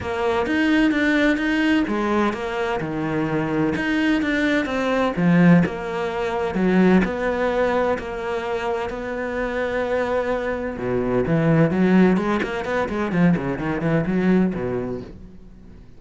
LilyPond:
\new Staff \with { instrumentName = "cello" } { \time 4/4 \tempo 4 = 128 ais4 dis'4 d'4 dis'4 | gis4 ais4 dis2 | dis'4 d'4 c'4 f4 | ais2 fis4 b4~ |
b4 ais2 b4~ | b2. b,4 | e4 fis4 gis8 ais8 b8 gis8 | f8 cis8 dis8 e8 fis4 b,4 | }